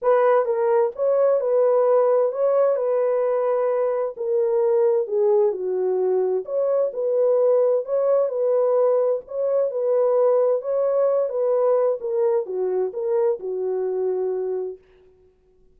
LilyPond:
\new Staff \with { instrumentName = "horn" } { \time 4/4 \tempo 4 = 130 b'4 ais'4 cis''4 b'4~ | b'4 cis''4 b'2~ | b'4 ais'2 gis'4 | fis'2 cis''4 b'4~ |
b'4 cis''4 b'2 | cis''4 b'2 cis''4~ | cis''8 b'4. ais'4 fis'4 | ais'4 fis'2. | }